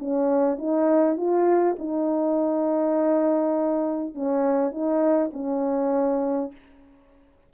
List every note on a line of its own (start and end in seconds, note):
0.00 0.59 C#4
0.59 1.17 D#4
1.17 1.77 F4
1.79 4.15 D#4
4.15 4.72 C#4
4.72 5.31 D#4
5.34 6.52 C#4